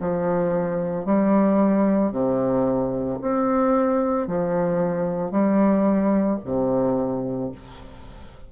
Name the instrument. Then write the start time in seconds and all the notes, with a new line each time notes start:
bassoon
0.00 F3
1.05 G3
2.12 C3
3.21 C4
4.27 F3
5.31 G3
6.45 C3